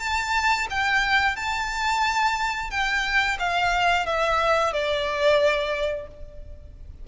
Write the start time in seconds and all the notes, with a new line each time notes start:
0.00 A5
0.70 G5
1.36 A5
2.71 G5
3.39 F5
4.06 E5
4.73 D5